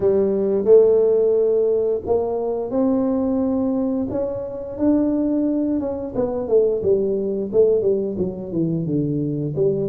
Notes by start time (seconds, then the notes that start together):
0.00 G3
0.64 A3
2.05 A#3
2.71 C4
4.10 C#4
4.78 D4
5.80 C#4
6.15 B3
6.48 A3
6.82 G3
7.52 A3
7.81 G3
8.18 F#3
8.52 E3
8.86 D3
9.55 G3